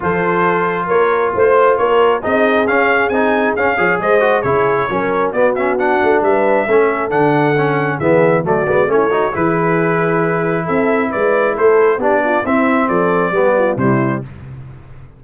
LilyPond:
<<
  \new Staff \with { instrumentName = "trumpet" } { \time 4/4 \tempo 4 = 135 c''2 cis''4 c''4 | cis''4 dis''4 f''4 gis''4 | f''4 dis''4 cis''2 | d''8 e''8 fis''4 e''2 |
fis''2 e''4 d''4 | cis''4 b'2. | e''4 d''4 c''4 d''4 | e''4 d''2 c''4 | }
  \new Staff \with { instrumentName = "horn" } { \time 4/4 a'2 ais'4 c''4 | ais'4 gis'2.~ | gis'8 cis''8 c''4 gis'4 ais'4 | fis'2 b'4 a'4~ |
a'2 gis'4 fis'4 | e'8 fis'8 gis'2. | a'4 b'4 a'4 g'8 f'8 | e'4 a'4 g'8 f'8 e'4 | }
  \new Staff \with { instrumentName = "trombone" } { \time 4/4 f'1~ | f'4 dis'4 cis'4 dis'4 | cis'8 gis'4 fis'8 e'4 cis'4 | b8 cis'8 d'2 cis'4 |
d'4 cis'4 b4 a8 b8 | cis'8 dis'8 e'2.~ | e'2. d'4 | c'2 b4 g4 | }
  \new Staff \with { instrumentName = "tuba" } { \time 4/4 f2 ais4 a4 | ais4 c'4 cis'4 c'4 | cis'8 f8 gis4 cis4 fis4 | b4. a8 g4 a4 |
d2 e4 fis8 gis8 | a4 e2. | c'4 gis4 a4 b4 | c'4 f4 g4 c4 | }
>>